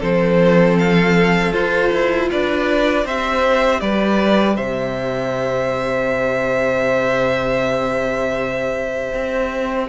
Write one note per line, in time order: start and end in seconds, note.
0.00 1.53 F3
0.00 1.53 C4
0.00 2.28 A4
0.00 0.79 C5
0.79 1.53 F5
1.53 1.91 F4
1.53 3.05 F4
1.53 2.28 C5
1.94 2.31 E4
2.31 3.05 D4
2.31 3.05 B4
2.31 3.07 D5
3.05 3.81 C4
3.05 9.89 G4
3.05 3.81 C5
3.05 3.81 E5
3.81 4.57 G3
3.81 4.56 B4
3.81 4.56 D5
4.56 9.13 C3
4.56 9.87 C5
4.56 9.88 E5
9.14 9.89 C4